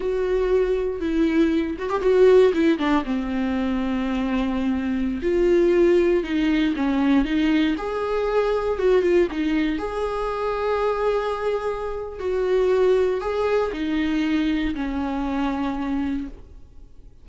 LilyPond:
\new Staff \with { instrumentName = "viola" } { \time 4/4 \tempo 4 = 118 fis'2 e'4. fis'16 g'16 | fis'4 e'8 d'8 c'2~ | c'2~ c'16 f'4.~ f'16~ | f'16 dis'4 cis'4 dis'4 gis'8.~ |
gis'4~ gis'16 fis'8 f'8 dis'4 gis'8.~ | gis'1 | fis'2 gis'4 dis'4~ | dis'4 cis'2. | }